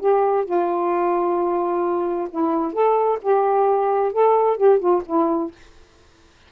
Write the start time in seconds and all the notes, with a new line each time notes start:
0.00 G4
0.45 F4
2.31 E4
2.73 A4
3.22 G4
4.13 A4
4.58 G4
4.79 F4
5.06 E4